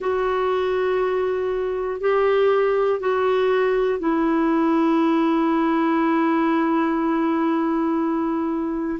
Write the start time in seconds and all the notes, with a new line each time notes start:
0.00 F#4
2.00 G4
3.00 F#4
3.99 E4